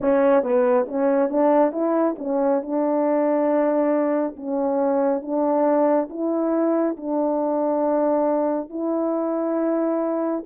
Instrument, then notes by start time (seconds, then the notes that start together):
horn
0.00 C#4
0.42 B3
0.88 C#4
1.29 D4
1.72 E4
2.18 C#4
2.61 D4
4.36 C#4
5.22 D4
6.09 E4
6.96 D4
8.69 E4